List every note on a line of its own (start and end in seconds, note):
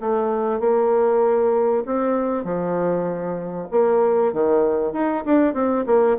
0.00 0.60 A3
0.60 1.84 A#3
1.86 2.44 C4
2.44 3.68 F3
3.71 4.33 A#3
4.33 4.93 D#3
4.93 5.24 D#4
5.25 5.54 D4
5.54 5.85 C4
5.86 6.17 A#3